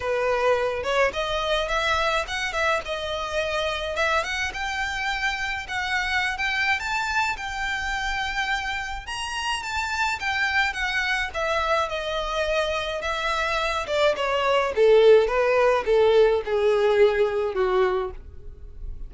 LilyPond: \new Staff \with { instrumentName = "violin" } { \time 4/4 \tempo 4 = 106 b'4. cis''8 dis''4 e''4 | fis''8 e''8 dis''2 e''8 fis''8 | g''2 fis''4~ fis''16 g''8. | a''4 g''2. |
ais''4 a''4 g''4 fis''4 | e''4 dis''2 e''4~ | e''8 d''8 cis''4 a'4 b'4 | a'4 gis'2 fis'4 | }